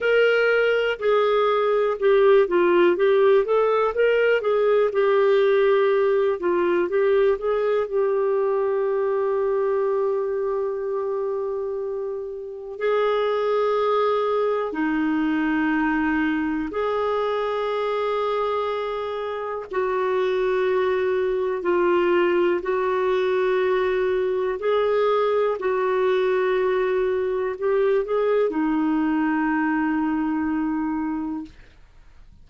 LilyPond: \new Staff \with { instrumentName = "clarinet" } { \time 4/4 \tempo 4 = 61 ais'4 gis'4 g'8 f'8 g'8 a'8 | ais'8 gis'8 g'4. f'8 g'8 gis'8 | g'1~ | g'4 gis'2 dis'4~ |
dis'4 gis'2. | fis'2 f'4 fis'4~ | fis'4 gis'4 fis'2 | g'8 gis'8 dis'2. | }